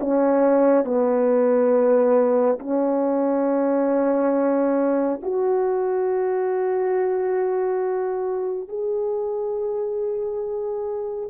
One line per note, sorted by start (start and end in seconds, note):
0.00 0.85 C#4
0.85 2.58 B3
2.59 5.20 C#4
5.23 8.68 F#4
8.68 11.29 G#4